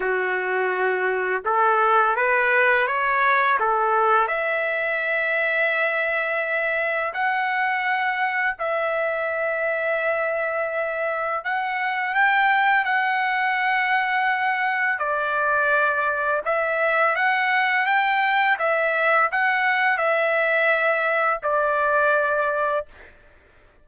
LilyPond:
\new Staff \with { instrumentName = "trumpet" } { \time 4/4 \tempo 4 = 84 fis'2 a'4 b'4 | cis''4 a'4 e''2~ | e''2 fis''2 | e''1 |
fis''4 g''4 fis''2~ | fis''4 d''2 e''4 | fis''4 g''4 e''4 fis''4 | e''2 d''2 | }